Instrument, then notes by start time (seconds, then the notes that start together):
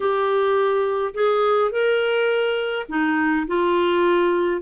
clarinet
0.00 G4
1.14 G#4
1.71 A#4
2.88 D#4
3.47 F4